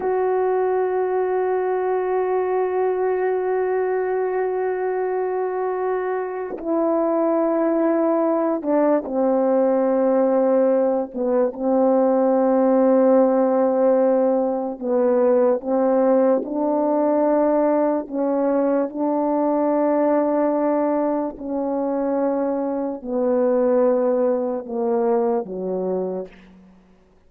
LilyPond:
\new Staff \with { instrumentName = "horn" } { \time 4/4 \tempo 4 = 73 fis'1~ | fis'1 | e'2~ e'8 d'8 c'4~ | c'4. b8 c'2~ |
c'2 b4 c'4 | d'2 cis'4 d'4~ | d'2 cis'2 | b2 ais4 fis4 | }